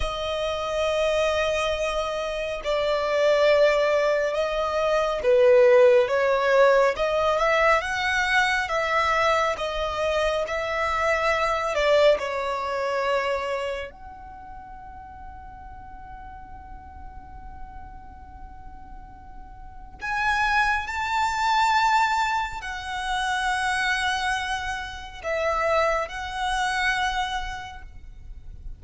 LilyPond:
\new Staff \with { instrumentName = "violin" } { \time 4/4 \tempo 4 = 69 dis''2. d''4~ | d''4 dis''4 b'4 cis''4 | dis''8 e''8 fis''4 e''4 dis''4 | e''4. d''8 cis''2 |
fis''1~ | fis''2. gis''4 | a''2 fis''2~ | fis''4 e''4 fis''2 | }